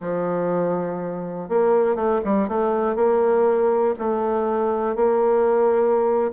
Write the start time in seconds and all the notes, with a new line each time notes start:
0.00 F3
1.49 A#3
1.95 A3
2.24 G3
2.48 A3
2.95 A#3
3.98 A3
4.95 A#3